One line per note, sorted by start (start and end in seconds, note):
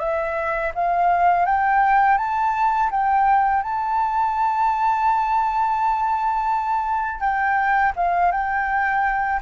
0.00 0.72 E5
0.75 1.46 F5
1.46 2.18 G5
2.18 2.90 A5
2.91 3.63 G5
3.63 7.21 A5
7.21 7.93 G5
7.96 8.32 F5
8.32 9.40 G5